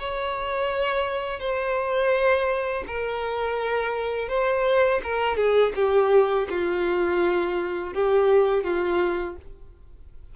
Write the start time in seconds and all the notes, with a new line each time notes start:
0.00 C#5
1.40 C5
2.88 A#4
4.29 C5
5.04 A#4
5.37 G#4
5.76 G4
6.50 F4
7.94 G4
8.65 F4